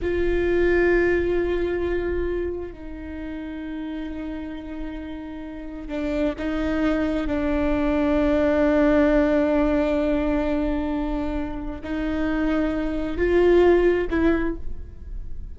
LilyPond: \new Staff \with { instrumentName = "viola" } { \time 4/4 \tempo 4 = 132 f'1~ | f'2 dis'2~ | dis'1~ | dis'4 d'4 dis'2 |
d'1~ | d'1~ | d'2 dis'2~ | dis'4 f'2 e'4 | }